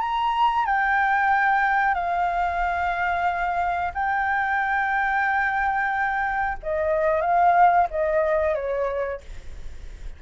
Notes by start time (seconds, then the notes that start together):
0.00 A#5
0.66 G5
1.95 F5
3.94 G5
6.63 D#5
7.21 F5
7.91 D#5
8.55 C#5